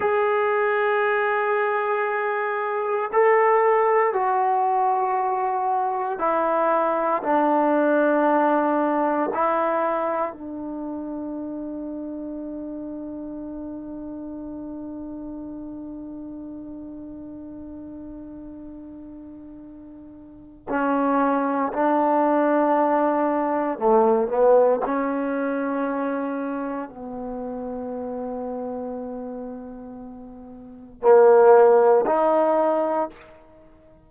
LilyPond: \new Staff \with { instrumentName = "trombone" } { \time 4/4 \tempo 4 = 58 gis'2. a'4 | fis'2 e'4 d'4~ | d'4 e'4 d'2~ | d'1~ |
d'1 | cis'4 d'2 a8 b8 | cis'2 b2~ | b2 ais4 dis'4 | }